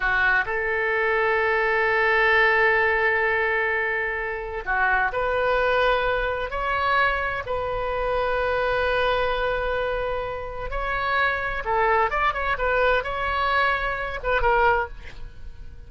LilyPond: \new Staff \with { instrumentName = "oboe" } { \time 4/4 \tempo 4 = 129 fis'4 a'2.~ | a'1~ | a'2 fis'4 b'4~ | b'2 cis''2 |
b'1~ | b'2. cis''4~ | cis''4 a'4 d''8 cis''8 b'4 | cis''2~ cis''8 b'8 ais'4 | }